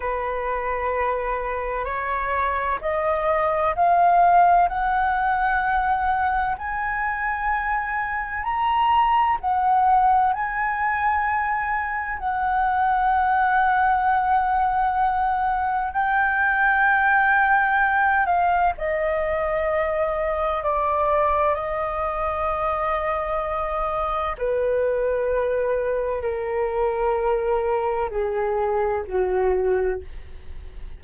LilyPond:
\new Staff \with { instrumentName = "flute" } { \time 4/4 \tempo 4 = 64 b'2 cis''4 dis''4 | f''4 fis''2 gis''4~ | gis''4 ais''4 fis''4 gis''4~ | gis''4 fis''2.~ |
fis''4 g''2~ g''8 f''8 | dis''2 d''4 dis''4~ | dis''2 b'2 | ais'2 gis'4 fis'4 | }